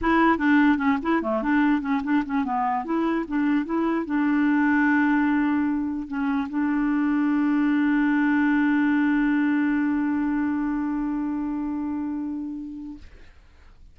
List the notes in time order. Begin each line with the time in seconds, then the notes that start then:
0.01 E4
0.38 D4
0.77 C#4
1.02 E4
1.22 A3
1.42 D4
1.81 C#4
2.03 D4
2.25 C#4
2.44 B3
2.84 E4
3.27 D4
3.65 E4
4.05 D4
6.07 C#4
6.49 D4